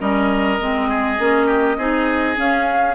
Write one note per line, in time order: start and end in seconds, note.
0.00 0.60 G3
0.00 0.59 C#4
0.00 0.89 A#4
0.00 2.38 D#5
0.61 1.19 G#3
0.61 1.19 C4
0.89 1.46 G#4
1.19 1.77 A#3
1.19 1.78 C#4
1.46 1.76 G4
1.77 2.37 C4
1.77 2.36 D#4
1.77 2.95 G#4
2.36 2.95 C#4
2.36 2.95 F5